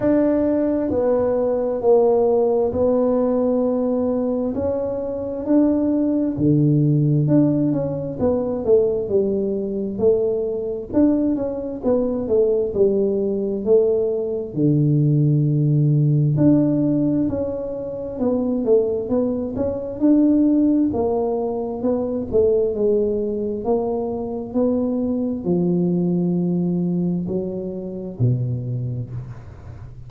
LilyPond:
\new Staff \with { instrumentName = "tuba" } { \time 4/4 \tempo 4 = 66 d'4 b4 ais4 b4~ | b4 cis'4 d'4 d4 | d'8 cis'8 b8 a8 g4 a4 | d'8 cis'8 b8 a8 g4 a4 |
d2 d'4 cis'4 | b8 a8 b8 cis'8 d'4 ais4 | b8 a8 gis4 ais4 b4 | f2 fis4 b,4 | }